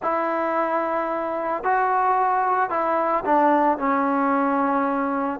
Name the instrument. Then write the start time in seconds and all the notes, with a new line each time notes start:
trombone
0.02 E4
1.63 F#4
2.70 E4
3.25 D4
3.77 C#4